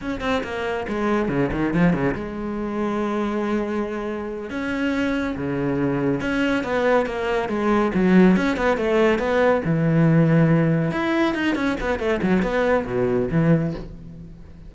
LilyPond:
\new Staff \with { instrumentName = "cello" } { \time 4/4 \tempo 4 = 140 cis'8 c'8 ais4 gis4 cis8 dis8 | f8 cis8 gis2.~ | gis2~ gis8 cis'4.~ | cis'8 cis2 cis'4 b8~ |
b8 ais4 gis4 fis4 cis'8 | b8 a4 b4 e4.~ | e4. e'4 dis'8 cis'8 b8 | a8 fis8 b4 b,4 e4 | }